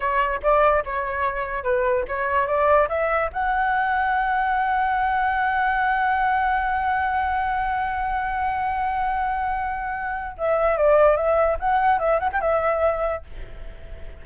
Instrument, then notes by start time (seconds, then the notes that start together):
flute
0.00 C#5
0.42 D5
0.84 C#5
1.63 B4
2.08 C#5
2.46 D5
2.88 E5
3.33 F#5
10.37 E5
10.77 D5
11.16 E5
11.59 F#5
11.99 E5
12.19 F#5
12.32 G5
12.40 E5